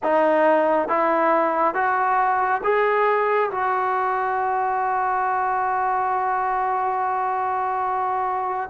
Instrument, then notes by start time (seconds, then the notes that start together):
trombone
0.03 D#4
0.88 E4
1.74 F#4
2.63 G#4
3.50 F#4